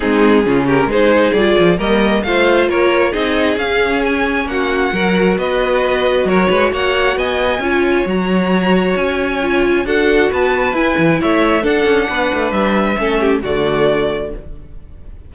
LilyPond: <<
  \new Staff \with { instrumentName = "violin" } { \time 4/4 \tempo 4 = 134 gis'4. ais'8 c''4 d''4 | dis''4 f''4 cis''4 dis''4 | f''4 gis''4 fis''2 | dis''2 cis''4 fis''4 |
gis''2 ais''2 | gis''2 fis''4 a''4 | gis''4 e''4 fis''2 | e''2 d''2 | }
  \new Staff \with { instrumentName = "violin" } { \time 4/4 dis'4 f'8 g'8 gis'2 | ais'4 c''4 ais'4 gis'4~ | gis'2 fis'4 ais'4 | b'2 ais'8 b'8 cis''4 |
dis''4 cis''2.~ | cis''2 a'4 b'4~ | b'4 cis''4 a'4 b'4~ | b'4 a'8 g'8 fis'2 | }
  \new Staff \with { instrumentName = "viola" } { \time 4/4 c'4 cis'4 dis'4 f'4 | ais4 f'2 dis'4 | cis'2. fis'4~ | fis'1~ |
fis'4 f'4 fis'2~ | fis'4 f'4 fis'2 | e'2 d'2~ | d'4 cis'4 a2 | }
  \new Staff \with { instrumentName = "cello" } { \time 4/4 gis4 cis4 gis4 g8 f8 | g4 a4 ais4 c'4 | cis'2 ais4 fis4 | b2 fis8 gis8 ais4 |
b4 cis'4 fis2 | cis'2 d'4 b4 | e'8 e8 a4 d'8 cis'8 b8 a8 | g4 a4 d2 | }
>>